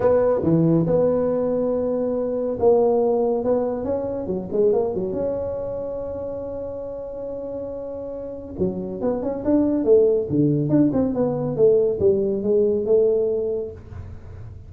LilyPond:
\new Staff \with { instrumentName = "tuba" } { \time 4/4 \tempo 4 = 140 b4 e4 b2~ | b2 ais2 | b4 cis'4 fis8 gis8 ais8 fis8 | cis'1~ |
cis'1 | fis4 b8 cis'8 d'4 a4 | d4 d'8 c'8 b4 a4 | g4 gis4 a2 | }